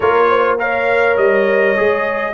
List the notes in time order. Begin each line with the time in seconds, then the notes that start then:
0.00 A#3 F4 A#4 C#5
0.29 C5
0.58 A#4 C#5 F5
1.16 G3 D#5
1.76 G#3 G#4